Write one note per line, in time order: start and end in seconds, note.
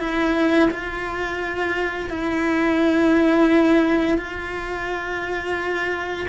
0.00 0.70 E4
0.71 2.10 F4
2.10 4.18 E4
4.18 6.27 F4